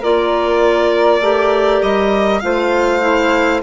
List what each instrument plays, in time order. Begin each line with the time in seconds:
0.00 bassoon A#3, clarinet F4, flute A#4, violin D5
1.20 bassoon A3, clarinet G4
1.81 bassoon G3, violin D#5
2.40 bassoon A3, clarinet F4, flute C5, violin F5
3.00 clarinet E4